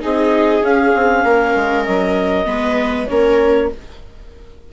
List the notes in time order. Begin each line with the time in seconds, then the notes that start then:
0.00 C4 D#4 G#4 D#5
0.62 C#4 F5
0.95 C4
1.24 A#3 A#4
1.55 G#3
1.84 F#3 D#5
2.45 G#3 B3 B4
3.07 A#3 C#4 A#4 C#5